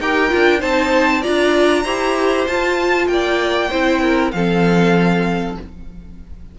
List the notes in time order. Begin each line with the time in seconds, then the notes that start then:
0.00 D#4 G4 A#4 G5
0.30 D4 F4
0.60 C4 D#4 C5 A5
1.22 F4 D5 A#5
1.28 D4
1.84 E4 G4 C5
2.47 F4 A5
3.08 A#3 D5 G5
3.70 C4 E4 C5
4.02 A#4
4.32 F3 C4 A4 F5